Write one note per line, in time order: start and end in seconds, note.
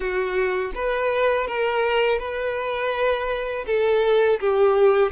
0.00 0.72 F#4
0.75 1.47 B4
1.47 2.18 A#4
2.18 3.65 B4
3.66 4.39 A4
4.39 5.11 G4